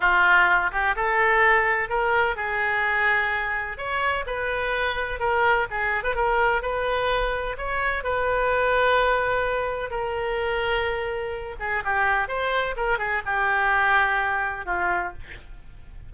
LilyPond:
\new Staff \with { instrumentName = "oboe" } { \time 4/4 \tempo 4 = 127 f'4. g'8 a'2 | ais'4 gis'2. | cis''4 b'2 ais'4 | gis'8. b'16 ais'4 b'2 |
cis''4 b'2.~ | b'4 ais'2.~ | ais'8 gis'8 g'4 c''4 ais'8 gis'8 | g'2. f'4 | }